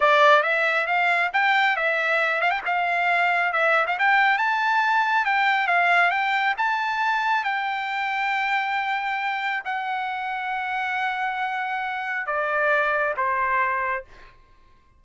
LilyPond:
\new Staff \with { instrumentName = "trumpet" } { \time 4/4 \tempo 4 = 137 d''4 e''4 f''4 g''4 | e''4. f''16 g''16 f''2 | e''8. f''16 g''4 a''2 | g''4 f''4 g''4 a''4~ |
a''4 g''2.~ | g''2 fis''2~ | fis''1 | d''2 c''2 | }